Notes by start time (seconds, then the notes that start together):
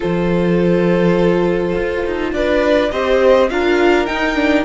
0.00 F3 F4 A4 C5
1.75 F4
2.06 D#4
2.32 D4 B4 D5
2.91 C4 G4 C5 D#5
3.49 D4 F4 A#4 F5
4.06 D#4 G5
4.35 D4